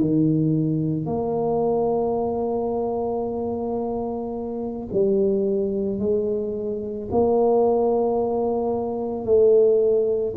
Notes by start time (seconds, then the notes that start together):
0.00 D#3
1.06 A#3
4.92 G3
5.99 G#3
7.11 A#3
9.24 A3